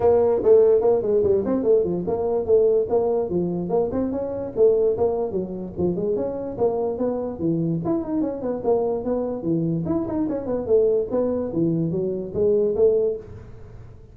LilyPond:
\new Staff \with { instrumentName = "tuba" } { \time 4/4 \tempo 4 = 146 ais4 a4 ais8 gis8 g8 c'8 | a8 f8 ais4 a4 ais4 | f4 ais8 c'8 cis'4 a4 | ais4 fis4 f8 gis8 cis'4 |
ais4 b4 e4 e'8 dis'8 | cis'8 b8 ais4 b4 e4 | e'8 dis'8 cis'8 b8 a4 b4 | e4 fis4 gis4 a4 | }